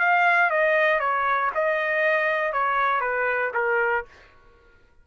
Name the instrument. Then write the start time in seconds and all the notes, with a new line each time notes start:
trumpet
0.00 F5
0.51 D#5
1.00 C#5
1.55 D#5
2.53 C#5
3.01 B4
3.55 A#4